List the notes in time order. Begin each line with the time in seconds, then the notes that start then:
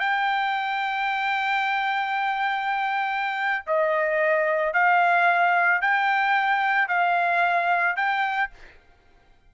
0.00 G5
3.67 D#5
4.73 F5
5.82 G5
6.88 F5
7.96 G5